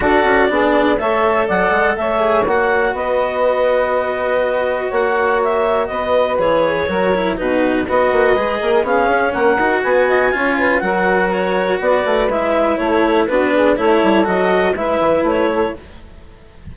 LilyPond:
<<
  \new Staff \with { instrumentName = "clarinet" } { \time 4/4 \tempo 4 = 122 d''2 e''4 fis''4 | e''4 fis''4 dis''2~ | dis''2 fis''4 e''4 | dis''4 cis''2 b'4 |
dis''2 f''4 fis''4 | gis''2 fis''4 cis''4 | d''4 e''4 cis''4 b'4 | cis''4 dis''4 e''4 cis''4 | }
  \new Staff \with { instrumentName = "saxophone" } { \time 4/4 a'4 gis'4 cis''4 d''4 | cis''2 b'2~ | b'2 cis''2 | b'2 ais'4 fis'4 |
b'4. ais'8 gis'4 ais'4 | b'8 dis''8 cis''8 b'8 ais'2 | b'2 a'4 fis'8 gis'8 | a'2 b'4. a'8 | }
  \new Staff \with { instrumentName = "cello" } { \time 4/4 fis'4 d'4 a'2~ | a'8 gis'8 fis'2.~ | fis'1~ | fis'4 gis'4 fis'8 e'8 dis'4 |
fis'4 gis'4 cis'4. fis'8~ | fis'4 f'4 fis'2~ | fis'4 e'2 d'4 | e'4 fis'4 e'2 | }
  \new Staff \with { instrumentName = "bassoon" } { \time 4/4 d'8 cis'8 b4 a4 fis8 gis8 | a4 ais4 b2~ | b2 ais2 | b4 e4 fis4 b,4 |
b8 ais8 gis8 ais8 b8 cis'8 ais8 dis'8 | b4 cis'4 fis2 | b8 a8 gis4 a4 b4 | a8 g8 fis4 gis8 e8 a4 | }
>>